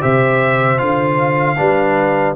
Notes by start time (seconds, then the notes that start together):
0.00 C3 G4 C5 E5
0.78 D3 F4 F5
1.57 G3 D4 B4